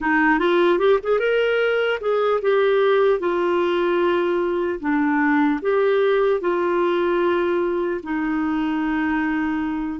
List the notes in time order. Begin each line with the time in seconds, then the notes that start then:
0.00 D#4
0.39 F4
0.79 G4
1.02 G#4
1.19 A#4
2.00 G#4
2.41 G4
3.19 F4
4.80 D4
5.61 G4
6.40 F4
8.03 D#4